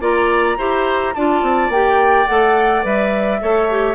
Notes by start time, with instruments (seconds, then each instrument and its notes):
0.00 bassoon A#3, clarinet F4, oboe D5, flute A#5
0.57 bassoon E4, clarinet G4, oboe C5
1.14 bassoon D4, clarinet F4, oboe D5, flute A5
1.42 bassoon C4
1.69 bassoon A#3, clarinet G4, flute G5
2.27 bassoon A3, clarinet A4, flute F#5
2.82 bassoon G3, clarinet B4, flute E5
3.41 bassoon A3, clarinet A4, oboe C#5
3.70 clarinet G4